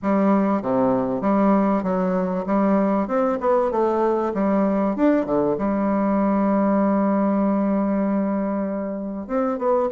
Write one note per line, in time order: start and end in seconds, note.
0.02 0.62 G3
0.62 1.21 C3
1.21 1.82 G3
1.82 2.44 F#3
2.46 3.07 G3
3.07 3.38 C4
3.40 3.71 B3
3.71 4.32 A3
4.34 4.95 G3
4.95 5.25 D4
5.25 5.56 D3
5.58 9.27 G3
9.27 9.58 C4
9.58 9.89 B3